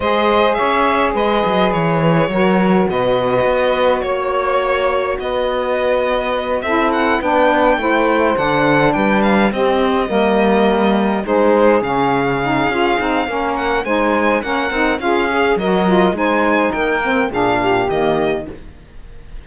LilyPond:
<<
  \new Staff \with { instrumentName = "violin" } { \time 4/4 \tempo 4 = 104 dis''4 e''4 dis''4 cis''4~ | cis''4 dis''2 cis''4~ | cis''4 dis''2~ dis''8 e''8 | fis''8 g''2 fis''4 g''8 |
f''8 dis''2. c''8~ | c''8 f''2. fis''8 | gis''4 fis''4 f''4 dis''4 | gis''4 g''4 f''4 dis''4 | }
  \new Staff \with { instrumentName = "saxophone" } { \time 4/4 c''4 cis''4 b'2 | ais'4 b'2 cis''4~ | cis''4 b'2~ b'8 a'8~ | a'8 b'4 c''2 b'8~ |
b'8 g'4 ais'2 gis'8~ | gis'2. ais'4 | c''4 ais'4 gis'4 ais'4 | c''4 ais'4 gis'8 g'4. | }
  \new Staff \with { instrumentName = "saxophone" } { \time 4/4 gis'1 | fis'1~ | fis'2.~ fis'8 e'8~ | e'8 d'4 e'4 d'4.~ |
d'8 c'4 ais2 dis'8~ | dis'8 cis'4 dis'8 f'8 dis'8 cis'4 | dis'4 cis'8 dis'8 f'8 gis'8 fis'8 f'8 | dis'4. c'8 d'4 ais4 | }
  \new Staff \with { instrumentName = "cello" } { \time 4/4 gis4 cis'4 gis8 fis8 e4 | fis4 b,4 b4 ais4~ | ais4 b2~ b8 c'8~ | c'8 b4 a4 d4 g8~ |
g8 c'4 g2 gis8~ | gis8 cis4. cis'8 c'8 ais4 | gis4 ais8 c'8 cis'4 fis4 | gis4 ais4 ais,4 dis4 | }
>>